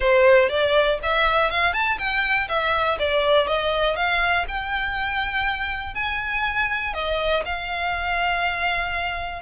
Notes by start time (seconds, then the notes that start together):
0.00 C5
0.49 D5
1.03 E5
1.50 F5
1.73 A5
1.98 G5
2.48 E5
2.99 D5
3.47 D#5
3.95 F5
4.48 G5
5.94 G#5
6.93 D#5
7.45 F5